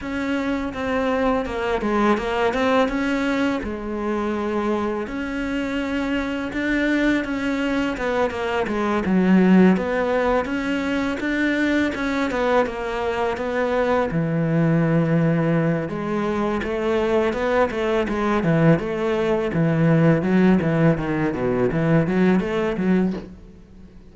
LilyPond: \new Staff \with { instrumentName = "cello" } { \time 4/4 \tempo 4 = 83 cis'4 c'4 ais8 gis8 ais8 c'8 | cis'4 gis2 cis'4~ | cis'4 d'4 cis'4 b8 ais8 | gis8 fis4 b4 cis'4 d'8~ |
d'8 cis'8 b8 ais4 b4 e8~ | e2 gis4 a4 | b8 a8 gis8 e8 a4 e4 | fis8 e8 dis8 b,8 e8 fis8 a8 fis8 | }